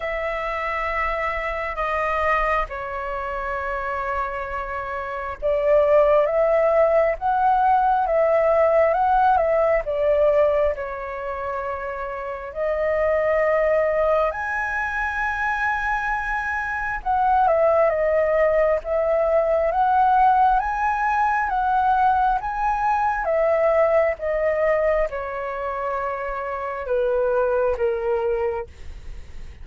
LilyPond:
\new Staff \with { instrumentName = "flute" } { \time 4/4 \tempo 4 = 67 e''2 dis''4 cis''4~ | cis''2 d''4 e''4 | fis''4 e''4 fis''8 e''8 d''4 | cis''2 dis''2 |
gis''2. fis''8 e''8 | dis''4 e''4 fis''4 gis''4 | fis''4 gis''4 e''4 dis''4 | cis''2 b'4 ais'4 | }